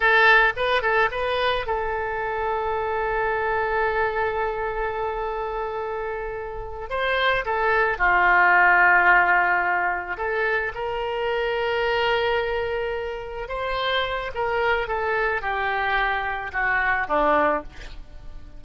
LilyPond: \new Staff \with { instrumentName = "oboe" } { \time 4/4 \tempo 4 = 109 a'4 b'8 a'8 b'4 a'4~ | a'1~ | a'1~ | a'8 c''4 a'4 f'4.~ |
f'2~ f'8 a'4 ais'8~ | ais'1~ | ais'8 c''4. ais'4 a'4 | g'2 fis'4 d'4 | }